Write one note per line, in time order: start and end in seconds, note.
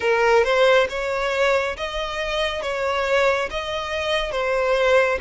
0.00 0.43 A#4
0.43 0.87 C5
0.89 1.76 C#5
1.76 2.62 D#5
2.62 3.49 C#5
3.50 4.31 D#5
4.31 5.18 C5